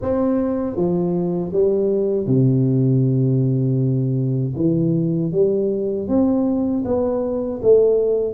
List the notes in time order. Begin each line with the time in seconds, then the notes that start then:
0.01 C4
0.76 F3
1.52 G3
2.26 C3
4.56 E3
5.32 G3
6.08 C4
6.84 B3
7.62 A3